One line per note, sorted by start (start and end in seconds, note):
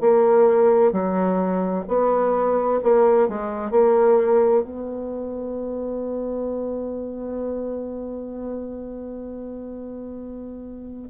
0.00 0.91 A#3
0.91 1.84 F#3
1.88 2.80 B3
2.82 3.28 A#3
3.28 3.70 G#3
3.70 4.63 A#3
4.63 11.09 B3